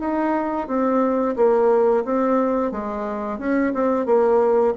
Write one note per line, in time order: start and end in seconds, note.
0.00 0.68 D#4
0.68 1.36 C4
1.37 2.05 A#3
2.05 2.72 C4
2.72 3.39 G#3
3.39 3.73 C#4
3.74 4.06 C4
4.06 4.74 A#3